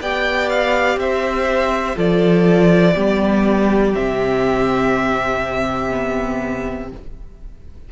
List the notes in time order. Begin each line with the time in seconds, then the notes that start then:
0.00 B3 G4 D5 G5
0.49 F5
0.96 C4 C5 E5
1.95 F3 F4 A4 D5
2.93 G3 B3 G4
3.93 C3 C4 E5
5.90 B3